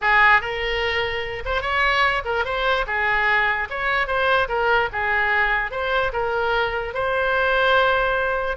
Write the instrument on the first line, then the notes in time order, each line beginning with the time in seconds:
oboe
0.01 G#4
0.41 A#4
1.45 C5
1.61 C#5
2.24 A#4
2.44 C5
2.86 G#4
3.70 C#5
4.07 C5
4.48 A#4
4.92 G#4
5.71 C5
6.12 A#4
6.94 C5